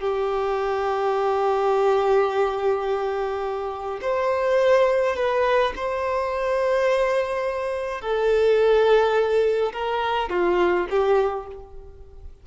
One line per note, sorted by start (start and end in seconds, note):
0.00 4.00 G4
4.02 5.16 C5
5.17 5.74 B4
5.77 8.02 C5
8.02 9.73 A4
9.73 10.30 A#4
10.30 10.87 F4
10.90 11.48 G4